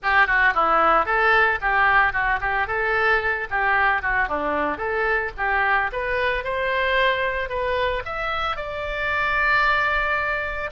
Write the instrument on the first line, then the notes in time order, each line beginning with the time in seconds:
oboe
0.02 G4
0.26 F#4
0.54 E4
1.05 A4
1.61 G4
2.12 F#4
2.41 G4
2.67 A4
3.50 G4
4.02 F#4
4.28 D4
4.77 A4
5.37 G4
5.92 B4
6.44 C5
7.49 B4
8.05 E5
8.56 D5